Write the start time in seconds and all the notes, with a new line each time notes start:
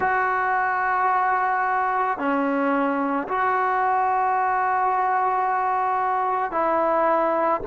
0.00 F#4
2.18 C#4
3.28 F#4
6.51 E4